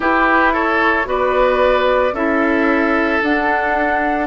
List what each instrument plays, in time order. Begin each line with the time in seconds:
0.00 clarinet E4, bassoon E4, oboe G4, flute B4
0.52 oboe A4, flute C#5
1.04 bassoon B3, clarinet F#4, oboe B4, flute D5
2.12 bassoon C#4, clarinet E4, oboe A4, flute E5
3.22 bassoon D4, clarinet D4, flute F#5